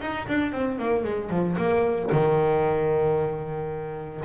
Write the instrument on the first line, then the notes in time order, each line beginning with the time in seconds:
double bass
0.00 D#4
0.27 D4
0.52 C4
0.78 A#3
1.04 G#3
1.29 F3
1.57 A#3
2.11 D#3